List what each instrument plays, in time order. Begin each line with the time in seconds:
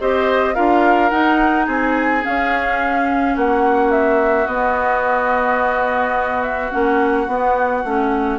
0.00 bassoon C4, clarinet G4, oboe C5, flute D#5
0.55 bassoon D4, clarinet F4, oboe A#4, flute F5
1.10 clarinet D#4, bassoon D#4, flute F#5
1.66 bassoon C4, oboe G#4, flute G#5
2.22 clarinet C#4, flute F5
2.28 bassoon C#4
3.36 bassoon A#3, oboe F#4, flute F#5
3.92 flute E5
4.47 bassoon B3, clarinet B3, flute D#5
6.43 flute E5
6.71 bassoon A#3, clarinet C#4, flute F#5
7.28 bassoon B3, clarinet B3
7.84 bassoon A3, clarinet C#4